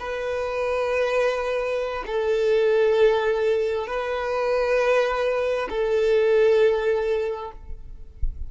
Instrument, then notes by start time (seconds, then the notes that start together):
violin
0.00 B4
2.07 A4
3.87 B4
5.70 A4